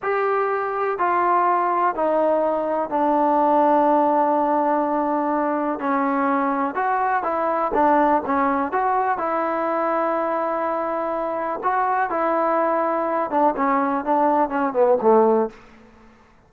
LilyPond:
\new Staff \with { instrumentName = "trombone" } { \time 4/4 \tempo 4 = 124 g'2 f'2 | dis'2 d'2~ | d'1 | cis'2 fis'4 e'4 |
d'4 cis'4 fis'4 e'4~ | e'1 | fis'4 e'2~ e'8 d'8 | cis'4 d'4 cis'8 b8 a4 | }